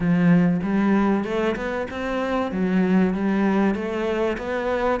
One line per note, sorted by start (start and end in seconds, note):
0.00 0.61 F3
0.62 1.24 G3
1.24 1.55 A3
1.56 1.87 B3
1.90 2.51 C4
2.51 3.14 F#3
3.14 3.74 G3
3.74 4.37 A3
4.38 5.00 B3